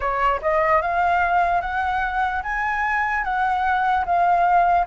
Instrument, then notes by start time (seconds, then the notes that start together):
flute
0.00 C#5
0.41 D#5
0.81 F5
1.61 F#5
2.43 G#5
3.24 F#5
4.05 F5